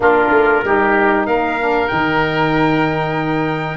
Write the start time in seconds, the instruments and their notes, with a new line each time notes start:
0.00 tuba A#3, saxophone D4, oboe F4, trumpet A#4
0.30 tuba A3
0.64 tuba G3, saxophone D#4, oboe G4
1.26 tuba A#3, oboe A#4, trumpet F5
1.59 saxophone D4
1.88 tuba D#3, saxophone D#4, trumpet G5